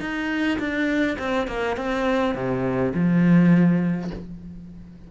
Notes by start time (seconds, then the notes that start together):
0.00 D#4
0.59 D4
1.19 C4
1.47 A#3
1.77 C4
2.34 C3
2.94 F3